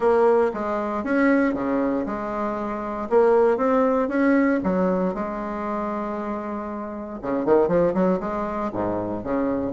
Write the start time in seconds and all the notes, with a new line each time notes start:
0.00 A#3
0.53 G#3
1.04 C#4
1.54 C#3
2.06 G#3
3.09 A#3
3.57 C4
4.08 C#4
4.63 F#3
5.14 G#3
7.22 C#3
7.45 D#3
7.68 F3
7.93 F#3
8.19 G#3
8.72 G#2
9.23 C#3